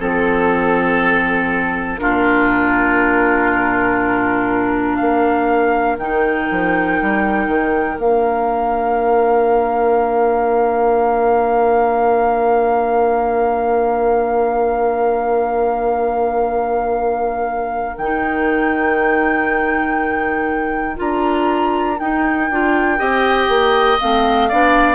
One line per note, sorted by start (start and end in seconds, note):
0.00 2.00 F3
0.00 1.98 C4
0.00 2.00 A4
0.00 1.99 A4
1.98 5.01 A#2
1.98 5.98 D4
1.98 5.00 F4
1.98 4.96 A#4
4.96 5.98 A#3
4.96 23.00 A#4
4.96 5.96 F5
5.98 6.48 D#3
5.98 8.00 D#4
5.98 7.99 G5
6.51 7.01 F3
7.02 7.47 G3
7.47 7.97 D#3
7.98 17.98 A#3
7.98 18.00 D4
7.98 17.97 F5
17.97 20.98 D#3
17.97 20.96 D#4
17.97 20.97 G5
20.96 22.00 D4
20.96 21.96 F4
20.96 22.00 A#5
22.00 22.50 D#4
22.00 22.51 D#4
22.00 24.00 G5
22.50 23.00 D4
22.50 22.99 F4
22.99 23.49 C4
22.99 23.99 G4
22.99 24.50 D#5
23.49 23.99 A#3
24.00 24.52 A3
24.00 24.51 C4
24.00 24.96 F5
24.50 24.96 B3
24.50 24.96 D4
24.50 24.96 D5